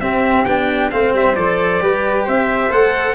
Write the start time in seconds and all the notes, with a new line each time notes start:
0.00 C4 G4 E5
0.45 B3 D4 G5
0.90 A3 C4 C5 F5
1.13 G3 E5
1.35 F3 A4 D5
1.80 G3 G4 B4
2.24 C4 C5 E5
2.69 A3 A4 F#5